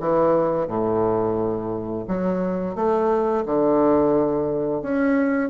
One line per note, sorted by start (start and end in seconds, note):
0.00 0.67 E3
0.67 2.05 A2
2.08 2.75 F#3
2.75 3.44 A3
3.45 4.82 D3
4.82 5.50 C#4